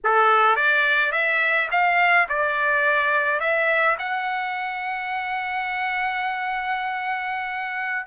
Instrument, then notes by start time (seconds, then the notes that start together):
trumpet
0.04 A4
0.55 D5
1.12 E5
1.71 F5
2.28 D5
3.40 E5
3.99 F#5